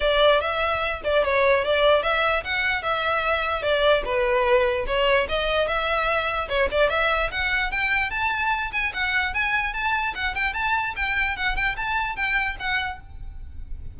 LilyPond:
\new Staff \with { instrumentName = "violin" } { \time 4/4 \tempo 4 = 148 d''4 e''4. d''8 cis''4 | d''4 e''4 fis''4 e''4~ | e''4 d''4 b'2 | cis''4 dis''4 e''2 |
cis''8 d''8 e''4 fis''4 g''4 | a''4. gis''8 fis''4 gis''4 | a''4 fis''8 g''8 a''4 g''4 | fis''8 g''8 a''4 g''4 fis''4 | }